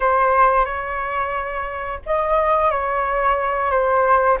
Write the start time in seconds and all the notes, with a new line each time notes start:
0.00 C5
0.65 C#5
2.06 D#5
2.70 C#5
3.70 C5